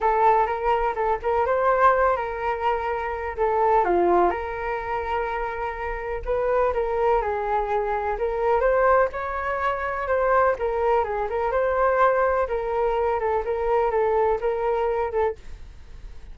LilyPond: \new Staff \with { instrumentName = "flute" } { \time 4/4 \tempo 4 = 125 a'4 ais'4 a'8 ais'8 c''4~ | c''8 ais'2~ ais'8 a'4 | f'4 ais'2.~ | ais'4 b'4 ais'4 gis'4~ |
gis'4 ais'4 c''4 cis''4~ | cis''4 c''4 ais'4 gis'8 ais'8 | c''2 ais'4. a'8 | ais'4 a'4 ais'4. a'8 | }